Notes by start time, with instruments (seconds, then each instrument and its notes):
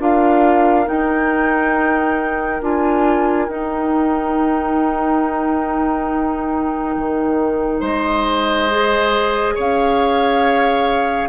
0.00 bassoon D4, clarinet F4, oboe A#4, flute F5
0.86 clarinet D#4, bassoon D#4, flute G5
2.62 bassoon D4, clarinet F4, flute G#5
3.49 bassoon D#4, clarinet D#4, flute G5
6.97 bassoon D#3
7.81 bassoon G#3, oboe C5, flute D#5
8.71 clarinet G#4
9.56 bassoon C#4, oboe C#5, flute F5